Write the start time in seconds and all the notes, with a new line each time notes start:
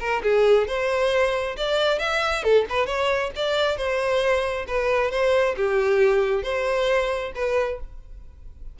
0.00 A#4
0.23 G#4
0.67 C5
1.57 D5
1.99 E5
2.43 A4
2.69 B4
2.86 C#5
3.36 D5
3.77 C5
4.67 B4
5.11 C5
5.57 G4
6.43 C5
7.35 B4